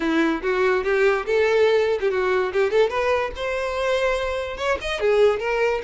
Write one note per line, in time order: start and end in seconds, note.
0.00 0.42 E4
0.42 0.83 F#4
0.83 1.25 G4
1.26 1.99 A4
2.00 2.10 G4
2.10 2.52 F#4
2.52 2.70 G4
2.70 2.89 A4
2.89 3.31 B4
3.35 4.57 C5
4.57 4.78 C#5
4.81 5.00 D#5
5.00 5.39 G#4
5.39 5.81 A#4